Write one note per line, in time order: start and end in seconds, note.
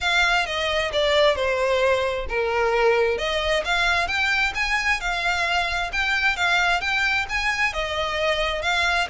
0.01 0.46 F5
0.46 0.91 D#5
0.92 1.35 D5
1.35 2.26 C5
2.29 3.18 A#4
3.18 3.63 D#5
3.64 4.07 F5
4.07 4.52 G5
4.54 5.00 G#5
5.00 5.91 F5
5.92 6.36 G5
6.36 6.80 F5
6.80 7.26 G5
7.29 7.73 G#5
7.73 8.62 D#5
8.62 9.07 F5